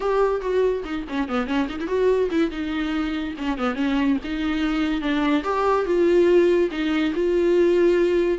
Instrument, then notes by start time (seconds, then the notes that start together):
viola
0.00 G4
0.41 F#4
0.84 D#4
1.09 C#4
1.28 B3
1.46 C#4
1.69 D#4
1.80 E4
1.87 F#4
2.31 E4
2.50 D#4
3.38 C#4
3.57 B3
3.75 C#4
4.24 D#4
5.01 D4
5.43 G4
5.85 F4
6.71 D#4
7.14 F4